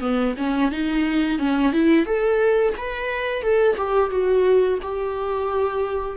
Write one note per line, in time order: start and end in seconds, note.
0.00 0.34 B3
0.37 0.71 C#4
0.71 1.38 D#4
1.38 1.72 C#4
1.72 2.05 E4
2.05 2.73 A4
2.77 3.42 B4
3.42 3.76 A4
3.77 4.10 G4
4.10 4.78 F#4
4.82 6.17 G4